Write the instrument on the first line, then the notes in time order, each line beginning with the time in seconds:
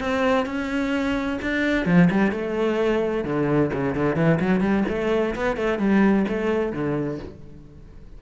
cello
0.00 C4
0.46 C#4
1.42 D4
1.86 F3
2.11 G3
2.32 A3
3.25 D3
3.73 C#3
3.96 D3
4.16 E3
4.40 F#3
4.61 G3
4.89 A3
5.36 B3
5.57 A3
5.79 G3
6.28 A3
6.73 D3